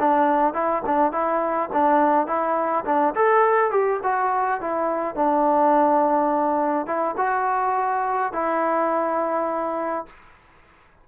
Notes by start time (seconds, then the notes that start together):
0.00 D4
0.54 E4
0.87 D4
1.12 E4
1.73 D4
2.27 E4
2.86 D4
3.15 A4
3.71 G4
4.04 F#4
4.61 E4
5.16 D4
6.87 E4
7.18 F#4
8.33 E4